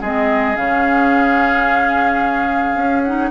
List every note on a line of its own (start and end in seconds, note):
0.00 0.56 G#3
0.00 0.55 C4
0.00 3.30 G#4
0.00 0.56 D#5
0.55 2.74 C#3
0.55 3.03 C#4
0.55 3.02 F5
2.74 3.29 C#4
3.02 3.31 D#4
3.02 3.30 F#5